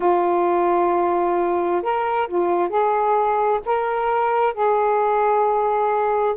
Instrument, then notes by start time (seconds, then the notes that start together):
saxophone
0.00 F4
1.82 A#4
2.27 F4
2.69 G#4
3.65 A#4
4.53 G#4